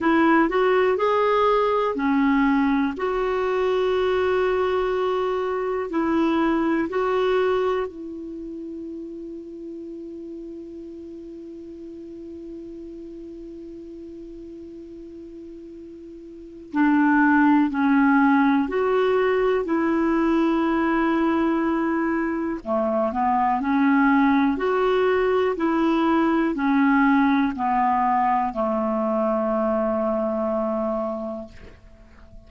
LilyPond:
\new Staff \with { instrumentName = "clarinet" } { \time 4/4 \tempo 4 = 61 e'8 fis'8 gis'4 cis'4 fis'4~ | fis'2 e'4 fis'4 | e'1~ | e'1~ |
e'4 d'4 cis'4 fis'4 | e'2. a8 b8 | cis'4 fis'4 e'4 cis'4 | b4 a2. | }